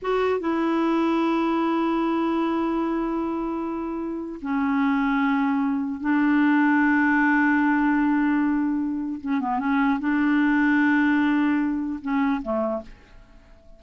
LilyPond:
\new Staff \with { instrumentName = "clarinet" } { \time 4/4 \tempo 4 = 150 fis'4 e'2.~ | e'1~ | e'2. cis'4~ | cis'2. d'4~ |
d'1~ | d'2. cis'8 b8 | cis'4 d'2.~ | d'2 cis'4 a4 | }